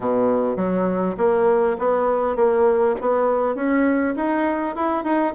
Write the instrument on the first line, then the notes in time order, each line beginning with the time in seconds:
bassoon
0.00 B2
0.56 F#3
1.17 A#3
1.78 B3
2.35 A#3
3.01 B3
3.55 C#4
4.16 D#4
4.75 E4
5.03 D#4